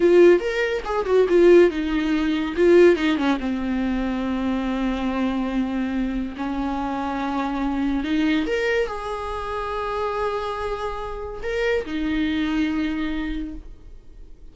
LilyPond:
\new Staff \with { instrumentName = "viola" } { \time 4/4 \tempo 4 = 142 f'4 ais'4 gis'8 fis'8 f'4 | dis'2 f'4 dis'8 cis'8 | c'1~ | c'2. cis'4~ |
cis'2. dis'4 | ais'4 gis'2.~ | gis'2. ais'4 | dis'1 | }